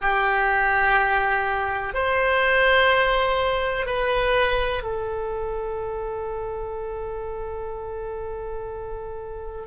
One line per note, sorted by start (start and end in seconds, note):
0.01 1.94 G4
1.94 3.85 C5
3.85 4.82 B4
4.83 9.66 A4